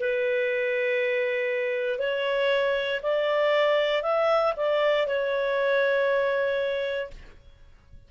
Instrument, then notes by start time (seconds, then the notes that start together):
clarinet
0.00 B4
1.99 C#5
3.03 D5
4.03 E5
4.57 D5
5.08 C#5